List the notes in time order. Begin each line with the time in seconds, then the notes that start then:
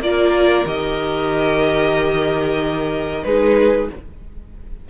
0.00 A#3 F4 A#4 D5
0.66 D#3 G4 D#5
3.24 G#3 D#4 G#4 B4